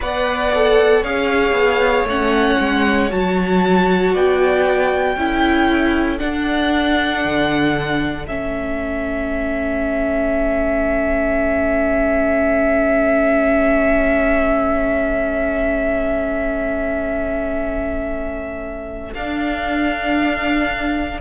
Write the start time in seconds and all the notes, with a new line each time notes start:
0.00 B3 B4 D5 F#5
0.55 A4
1.01 C#4 G#4 C#5 F5
1.52 B3
2.04 A3 C#4 F#5
2.59 G#3
3.09 F#3 F#4 A5
4.12 B3 D5 G5
5.16 C#4 E4 A4
6.18 D4 F#5
7.24 D3
8.26 A3 C#4 E5
19.13 D4 F5